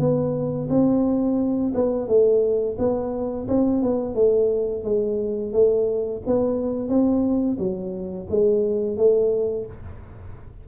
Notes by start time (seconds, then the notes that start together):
0.00 B3
0.70 C4
1.75 B3
2.08 A3
2.79 B3
3.49 C4
3.83 B3
4.15 A3
4.84 G#3
5.53 A3
6.27 B3
6.89 C4
7.59 F#3
8.30 G#3
8.97 A3